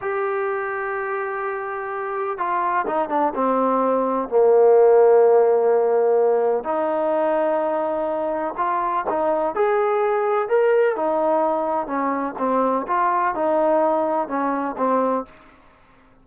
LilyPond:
\new Staff \with { instrumentName = "trombone" } { \time 4/4 \tempo 4 = 126 g'1~ | g'4 f'4 dis'8 d'8 c'4~ | c'4 ais2.~ | ais2 dis'2~ |
dis'2 f'4 dis'4 | gis'2 ais'4 dis'4~ | dis'4 cis'4 c'4 f'4 | dis'2 cis'4 c'4 | }